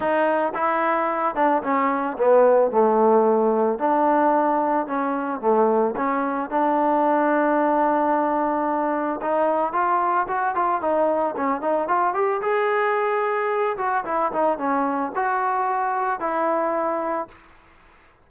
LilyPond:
\new Staff \with { instrumentName = "trombone" } { \time 4/4 \tempo 4 = 111 dis'4 e'4. d'8 cis'4 | b4 a2 d'4~ | d'4 cis'4 a4 cis'4 | d'1~ |
d'4 dis'4 f'4 fis'8 f'8 | dis'4 cis'8 dis'8 f'8 g'8 gis'4~ | gis'4. fis'8 e'8 dis'8 cis'4 | fis'2 e'2 | }